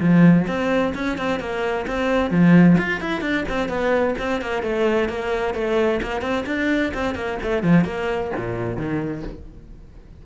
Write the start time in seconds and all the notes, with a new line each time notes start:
0.00 F3
0.47 C4
0.94 C#4
1.17 C4
1.40 A#3
1.87 C4
2.30 F3
2.78 F4
3.01 E4
3.21 D4
3.48 C4
3.68 B3
4.18 C4
4.41 A#3
4.63 A3
5.09 A#3
5.54 A3
6.02 A#3
6.21 C4
6.46 D4
6.94 C4
7.15 A#3
7.42 A3
7.63 F3
7.85 A#3
8.36 A#2
8.77 D#3